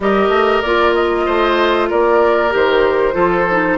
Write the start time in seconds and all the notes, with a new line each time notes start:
0.00 G3 G4 A#4 D#5
0.28 A3
0.62 A#3 F4 D5
0.93 D#5
1.25 A3 C5
1.89 A#3 A#4 D5
2.50 D#3 G4 C5
3.12 F3 F4 A4
3.51 D#4